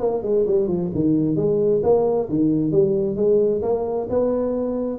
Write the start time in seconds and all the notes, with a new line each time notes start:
0.00 A#3
0.23 G#3
0.47 G3
0.68 F3
0.94 D#3
1.36 G#3
1.83 A#3
2.29 D#3
2.72 G3
3.16 G#3
3.62 A#3
4.10 B3